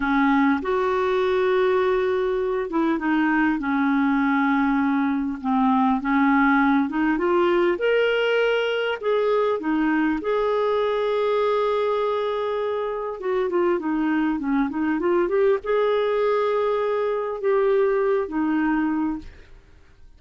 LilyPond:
\new Staff \with { instrumentName = "clarinet" } { \time 4/4 \tempo 4 = 100 cis'4 fis'2.~ | fis'8 e'8 dis'4 cis'2~ | cis'4 c'4 cis'4. dis'8 | f'4 ais'2 gis'4 |
dis'4 gis'2.~ | gis'2 fis'8 f'8 dis'4 | cis'8 dis'8 f'8 g'8 gis'2~ | gis'4 g'4. dis'4. | }